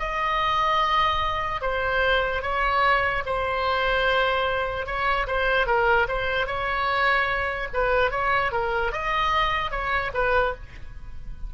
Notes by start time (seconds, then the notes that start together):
0.00 D#5
1.62 C5
2.43 C#5
3.27 C5
4.86 C#5
5.27 C5
5.67 A#4
6.08 C5
6.47 C#5
7.74 B4
8.12 C#5
8.52 A#4
8.93 D#5
9.71 C#5
10.14 B4